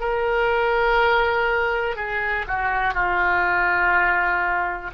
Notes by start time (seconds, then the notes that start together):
0.00 A#4
1.96 G#4
2.47 F#4
2.94 F4